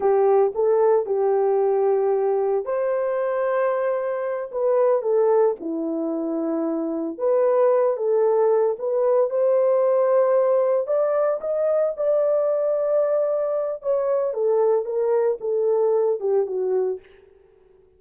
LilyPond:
\new Staff \with { instrumentName = "horn" } { \time 4/4 \tempo 4 = 113 g'4 a'4 g'2~ | g'4 c''2.~ | c''8 b'4 a'4 e'4.~ | e'4. b'4. a'4~ |
a'8 b'4 c''2~ c''8~ | c''8 d''4 dis''4 d''4.~ | d''2 cis''4 a'4 | ais'4 a'4. g'8 fis'4 | }